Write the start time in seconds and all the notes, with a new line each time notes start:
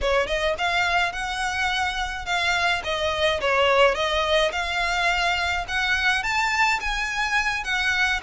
0.01 C#5
0.26 D#5
0.57 F5
1.12 F#5
2.25 F5
2.84 D#5
3.40 C#5
3.94 D#5
4.52 F5
5.68 F#5
6.23 A5
6.80 G#5
7.63 F#5